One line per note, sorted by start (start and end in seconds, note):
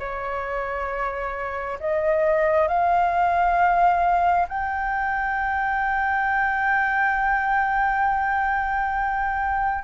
0.00 1.79 C#5
1.80 2.68 D#5
2.68 4.47 F5
4.49 9.84 G5